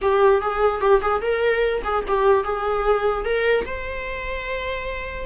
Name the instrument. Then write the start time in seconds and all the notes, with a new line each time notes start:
viola
0.01 G4
0.41 G#4
0.80 G4
1.01 G#4
1.21 A#4
1.84 G#4
2.07 G4
2.43 G#4
3.24 A#4
3.65 C5